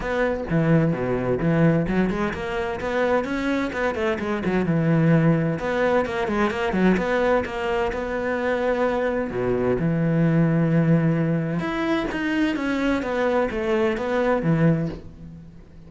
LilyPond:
\new Staff \with { instrumentName = "cello" } { \time 4/4 \tempo 4 = 129 b4 e4 b,4 e4 | fis8 gis8 ais4 b4 cis'4 | b8 a8 gis8 fis8 e2 | b4 ais8 gis8 ais8 fis8 b4 |
ais4 b2. | b,4 e2.~ | e4 e'4 dis'4 cis'4 | b4 a4 b4 e4 | }